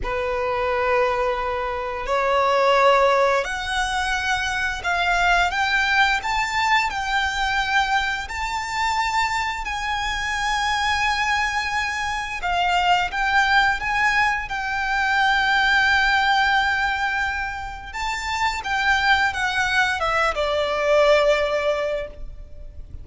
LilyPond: \new Staff \with { instrumentName = "violin" } { \time 4/4 \tempo 4 = 87 b'2. cis''4~ | cis''4 fis''2 f''4 | g''4 a''4 g''2 | a''2 gis''2~ |
gis''2 f''4 g''4 | gis''4 g''2.~ | g''2 a''4 g''4 | fis''4 e''8 d''2~ d''8 | }